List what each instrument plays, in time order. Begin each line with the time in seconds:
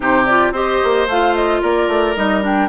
0.00 bassoon C3, clarinet D#4, oboe G4, flute C5
0.25 clarinet F4, flute D5
0.51 bassoon C4, clarinet G4, oboe C5, flute D#5
0.83 bassoon A#3
1.07 bassoon A3, clarinet F4, flute F5
1.35 flute D#5
1.61 bassoon A#3, oboe A#4, flute D5
1.87 bassoon A3
2.16 bassoon G3, clarinet D#4, flute D#5
2.42 clarinet D4, flute G5